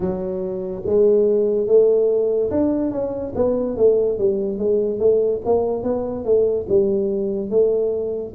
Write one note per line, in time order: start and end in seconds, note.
0.00 0.82 F#3
0.85 1.67 G#3
1.67 2.50 A3
2.50 2.91 D4
2.91 3.33 C#4
3.35 3.76 B3
3.76 4.18 A3
4.18 4.58 G3
4.58 4.99 G#3
4.99 5.41 A3
5.45 5.83 A#3
5.83 6.25 B3
6.25 6.66 A3
6.69 7.50 G3
7.50 8.33 A3